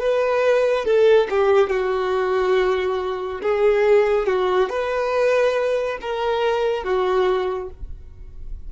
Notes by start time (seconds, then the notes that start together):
0.00 B4
0.85 A4
1.30 G4
1.70 F#4
3.42 G#4
4.27 F#4
4.70 B4
6.02 A#4
6.84 F#4